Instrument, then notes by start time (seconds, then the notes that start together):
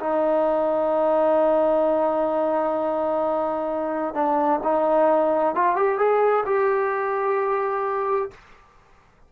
trombone
0.00 D#4
4.14 D4
4.64 D#4
5.55 F4
5.76 G4
5.98 G#4
6.46 G4